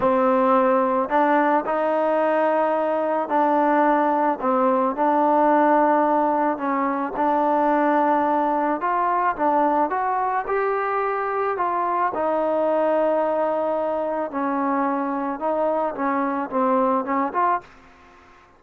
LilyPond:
\new Staff \with { instrumentName = "trombone" } { \time 4/4 \tempo 4 = 109 c'2 d'4 dis'4~ | dis'2 d'2 | c'4 d'2. | cis'4 d'2. |
f'4 d'4 fis'4 g'4~ | g'4 f'4 dis'2~ | dis'2 cis'2 | dis'4 cis'4 c'4 cis'8 f'8 | }